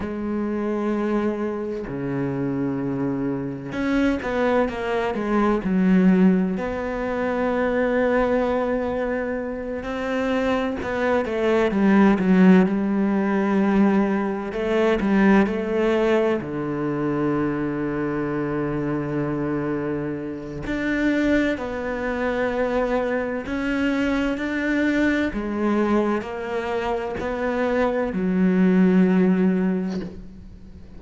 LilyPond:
\new Staff \with { instrumentName = "cello" } { \time 4/4 \tempo 4 = 64 gis2 cis2 | cis'8 b8 ais8 gis8 fis4 b4~ | b2~ b8 c'4 b8 | a8 g8 fis8 g2 a8 |
g8 a4 d2~ d8~ | d2 d'4 b4~ | b4 cis'4 d'4 gis4 | ais4 b4 fis2 | }